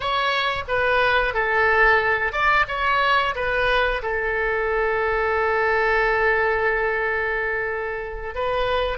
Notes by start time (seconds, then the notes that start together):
0.00 C#5
0.68 B4
1.34 A4
2.32 D5
2.68 C#5
3.35 B4
4.02 A4
8.34 B4